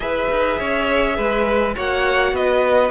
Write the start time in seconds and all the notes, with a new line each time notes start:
0.00 E4 G#4 B4 E5
0.30 D#4
0.58 C#4 C#5
1.16 G#3 B4
1.75 A#3 F#4 C#5 F#5
2.32 B3 B4 D#5